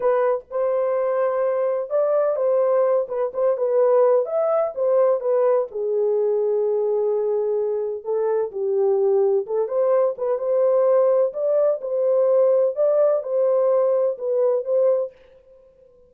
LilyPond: \new Staff \with { instrumentName = "horn" } { \time 4/4 \tempo 4 = 127 b'4 c''2. | d''4 c''4. b'8 c''8 b'8~ | b'4 e''4 c''4 b'4 | gis'1~ |
gis'4 a'4 g'2 | a'8 c''4 b'8 c''2 | d''4 c''2 d''4 | c''2 b'4 c''4 | }